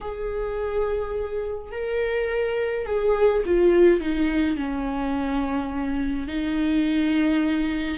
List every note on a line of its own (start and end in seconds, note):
0.00 1.71 G#4
1.71 2.85 A#4
2.86 3.43 G#4
3.45 4.00 F4
4.00 4.56 D#4
4.56 6.27 C#4
6.27 7.97 D#4